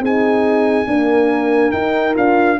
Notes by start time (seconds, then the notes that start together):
0.00 C4 D#4 G#4 G#5
0.87 A#3 D4 A#4
1.71 D#4 G5
2.14 D4 F4 F5